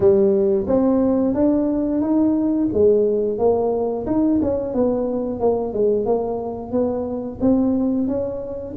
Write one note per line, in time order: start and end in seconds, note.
0.00 0.66 G3
0.67 1.34 C4
1.34 2.01 D4
2.01 2.68 D#4
2.73 3.38 G#3
3.38 4.05 A#3
4.06 4.40 D#4
4.42 4.73 C#4
4.73 5.40 B3
5.40 5.73 A#3
5.73 6.05 G#3
6.05 6.71 A#3
6.71 7.39 B3
7.40 8.07 C4
8.07 8.75 C#4